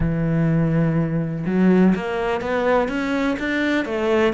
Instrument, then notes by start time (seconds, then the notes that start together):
cello
0.00 E3
1.45 F#3
1.95 A#3
2.41 B3
2.88 C#4
3.39 D4
3.85 A3